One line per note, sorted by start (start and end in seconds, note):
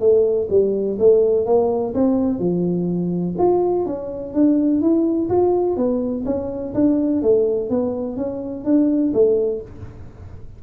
0.00 0.48 A3
0.50 0.98 G3
0.99 1.46 A3
1.46 1.94 A#3
1.94 2.39 C4
2.39 3.35 F3
3.38 3.86 F4
3.86 4.34 C#4
4.34 4.81 D4
4.81 5.29 E4
5.29 5.76 F4
5.76 6.24 B3
6.26 6.74 C#4
6.74 7.22 D4
7.22 7.70 A3
7.70 8.16 B3
8.16 8.64 C#4
8.64 9.12 D4
9.14 9.62 A3